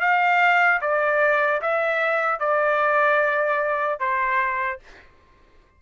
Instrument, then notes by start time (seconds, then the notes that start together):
trumpet
0.00 F5
0.81 D5
1.61 E5
2.39 D5
3.99 C5